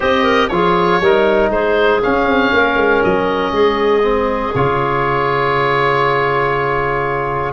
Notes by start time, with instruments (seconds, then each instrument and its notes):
0.00 tuba C4, trombone G4, clarinet C5, oboe D#5
0.23 clarinet A#4
0.48 tuba F3, trombone F4, clarinet G#4, oboe C#5
1.01 tuba G3, trombone D#4, clarinet A#4
1.50 tuba G#3, clarinet G#4, oboe C5
2.01 trombone C#4, tuba C#4, oboe F5
2.25 tuba C4
2.52 tuba A#3, clarinet A#4
2.76 tuba G#3
3.03 tuba F#3, oboe D#5
3.51 tuba G#3, clarinet G#4
4.02 trombone C4
4.54 tuba C#3, trombone F4, oboe C#5